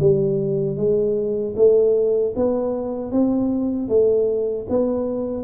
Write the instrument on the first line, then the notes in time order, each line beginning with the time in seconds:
tuba
0.00 G3
0.77 G#3
1.56 A3
2.36 B3
3.12 C4
3.89 A3
4.69 B3